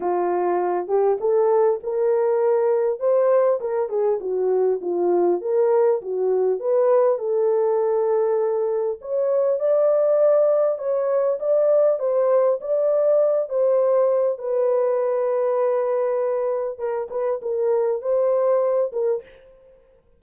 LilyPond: \new Staff \with { instrumentName = "horn" } { \time 4/4 \tempo 4 = 100 f'4. g'8 a'4 ais'4~ | ais'4 c''4 ais'8 gis'8 fis'4 | f'4 ais'4 fis'4 b'4 | a'2. cis''4 |
d''2 cis''4 d''4 | c''4 d''4. c''4. | b'1 | ais'8 b'8 ais'4 c''4. ais'8 | }